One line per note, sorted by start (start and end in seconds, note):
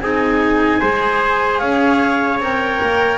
0.00 0.80 C4
0.00 0.81 D#4
0.00 0.80 G#4
0.00 1.58 G#5
0.80 1.61 G#3
0.80 2.40 G#4
0.80 1.59 C5
1.58 2.39 C#4
1.58 3.17 C#5
1.58 2.38 F5
2.39 2.79 C4
2.39 3.17 A#4
2.39 3.17 G5
2.81 3.17 A#3